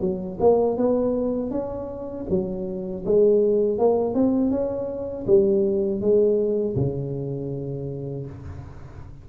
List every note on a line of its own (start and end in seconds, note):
0.00 0.38 F#3
0.40 0.77 A#3
0.77 1.51 B3
1.51 2.26 C#4
2.29 3.04 F#3
3.05 3.78 G#3
3.78 4.14 A#3
4.14 4.50 C4
4.50 5.25 C#4
5.26 6.00 G3
6.00 6.75 G#3
6.76 8.26 C#3